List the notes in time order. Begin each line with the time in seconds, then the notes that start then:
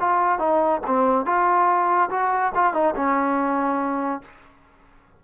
0.00 F4
0.39 D#4
0.87 C4
1.25 F4
2.10 F#4
2.55 F4
2.73 D#4
2.95 C#4